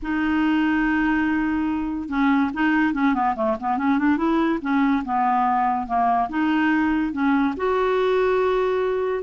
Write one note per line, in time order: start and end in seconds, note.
0.02 2.08 D#4
2.08 2.50 C#4
2.53 2.93 D#4
2.93 3.14 C#4
3.14 3.35 B3
3.35 3.56 A3
3.60 3.77 B3
3.77 3.98 C#4
3.98 4.17 D4
4.17 4.59 E4
4.61 5.03 C#4
5.04 5.86 B3
5.86 6.28 A#3
6.29 7.12 D#4
7.12 7.54 C#4
7.56 9.23 F#4